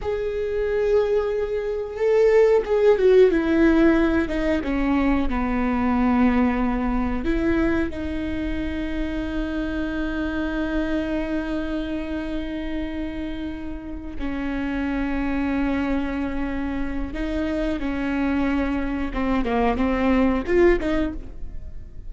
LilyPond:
\new Staff \with { instrumentName = "viola" } { \time 4/4 \tempo 4 = 91 gis'2. a'4 | gis'8 fis'8 e'4. dis'8 cis'4 | b2. e'4 | dis'1~ |
dis'1~ | dis'4. cis'2~ cis'8~ | cis'2 dis'4 cis'4~ | cis'4 c'8 ais8 c'4 f'8 dis'8 | }